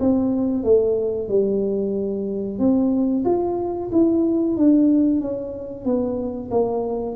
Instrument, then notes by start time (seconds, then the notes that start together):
tuba
0.00 C4
0.64 A3
1.29 G3
2.59 C4
3.25 F4
3.92 E4
4.57 D4
5.21 C#4
5.85 B3
6.51 A#3